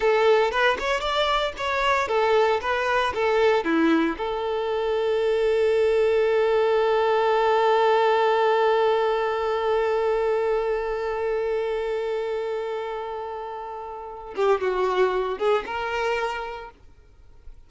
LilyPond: \new Staff \with { instrumentName = "violin" } { \time 4/4 \tempo 4 = 115 a'4 b'8 cis''8 d''4 cis''4 | a'4 b'4 a'4 e'4 | a'1~ | a'1~ |
a'1~ | a'1~ | a'2.~ a'8 g'8 | fis'4. gis'8 ais'2 | }